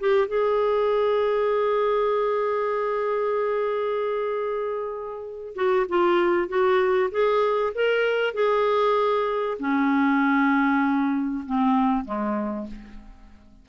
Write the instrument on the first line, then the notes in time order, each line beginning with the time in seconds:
clarinet
0.00 G4
0.28 G#4
5.56 F#4
5.89 F4
6.49 F#4
7.12 G#4
7.75 A#4
8.34 G#4
9.59 C#4
11.46 C4
12.05 G#3